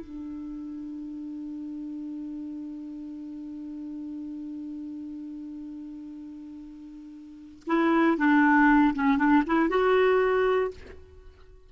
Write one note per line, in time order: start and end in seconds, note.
0.00 7.63 D4
7.66 8.17 E4
8.17 8.93 D4
8.94 9.17 C#4
9.17 9.43 D4
9.46 9.69 E4
9.69 10.71 F#4